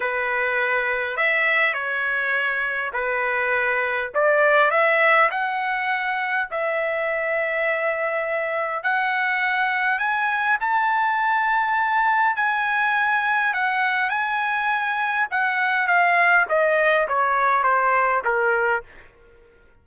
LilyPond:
\new Staff \with { instrumentName = "trumpet" } { \time 4/4 \tempo 4 = 102 b'2 e''4 cis''4~ | cis''4 b'2 d''4 | e''4 fis''2 e''4~ | e''2. fis''4~ |
fis''4 gis''4 a''2~ | a''4 gis''2 fis''4 | gis''2 fis''4 f''4 | dis''4 cis''4 c''4 ais'4 | }